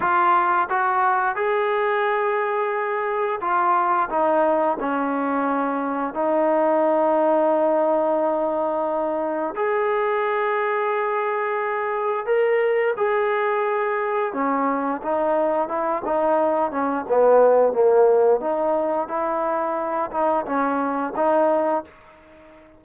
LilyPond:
\new Staff \with { instrumentName = "trombone" } { \time 4/4 \tempo 4 = 88 f'4 fis'4 gis'2~ | gis'4 f'4 dis'4 cis'4~ | cis'4 dis'2.~ | dis'2 gis'2~ |
gis'2 ais'4 gis'4~ | gis'4 cis'4 dis'4 e'8 dis'8~ | dis'8 cis'8 b4 ais4 dis'4 | e'4. dis'8 cis'4 dis'4 | }